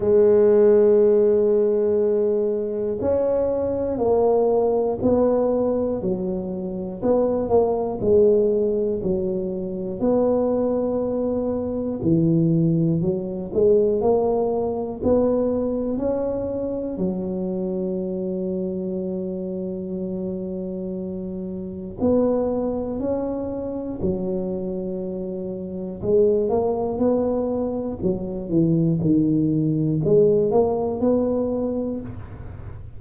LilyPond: \new Staff \with { instrumentName = "tuba" } { \time 4/4 \tempo 4 = 60 gis2. cis'4 | ais4 b4 fis4 b8 ais8 | gis4 fis4 b2 | e4 fis8 gis8 ais4 b4 |
cis'4 fis2.~ | fis2 b4 cis'4 | fis2 gis8 ais8 b4 | fis8 e8 dis4 gis8 ais8 b4 | }